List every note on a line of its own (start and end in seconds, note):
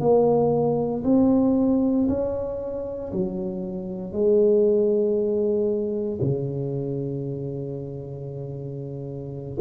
0.00 1.03 A#3
1.04 2.08 C4
2.09 3.12 C#4
3.12 4.12 F#3
4.12 6.19 G#3
6.22 9.58 C#3